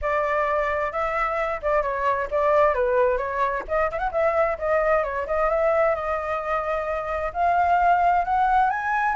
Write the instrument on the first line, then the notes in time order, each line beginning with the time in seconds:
flute
0.01 D5
0.92 E5
1.62 D5
1.82 C#5
2.30 D5
2.74 B4
3.17 C#5
3.67 D#5
3.91 E5
3.98 F#5
4.11 E5
4.58 D#5
5.03 C#5
5.27 D#5
5.49 E5
5.95 D#5
7.33 F5
8.24 F#5
8.70 G#5